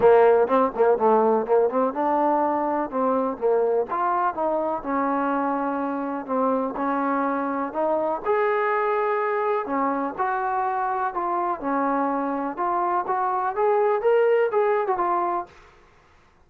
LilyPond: \new Staff \with { instrumentName = "trombone" } { \time 4/4 \tempo 4 = 124 ais4 c'8 ais8 a4 ais8 c'8 | d'2 c'4 ais4 | f'4 dis'4 cis'2~ | cis'4 c'4 cis'2 |
dis'4 gis'2. | cis'4 fis'2 f'4 | cis'2 f'4 fis'4 | gis'4 ais'4 gis'8. fis'16 f'4 | }